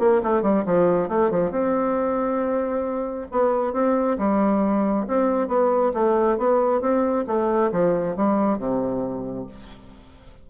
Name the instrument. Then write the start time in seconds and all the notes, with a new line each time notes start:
bassoon
0.00 A#3
0.23 A3
0.42 G3
0.66 F3
1.09 A3
1.31 F3
1.51 C4
3.32 B3
3.74 C4
4.18 G3
5.08 C4
5.48 B3
5.94 A3
6.38 B3
6.81 C4
7.28 A3
7.72 F3
8.16 G3
8.59 C3